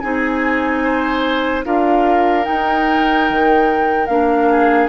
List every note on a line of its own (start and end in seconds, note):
0.00 1.65 C4
0.00 1.65 D#4
0.00 0.83 G#4
0.00 1.62 G#5
0.84 1.65 C5
1.65 2.46 D4
1.65 2.43 F4
1.65 4.49 A#4
1.65 2.45 F5
2.43 4.05 D#4
2.43 3.30 D#4
2.43 4.07 G5
3.30 4.08 D#3
4.07 4.89 A#3
4.07 4.89 D4
4.07 4.88 F5
4.50 4.89 G#4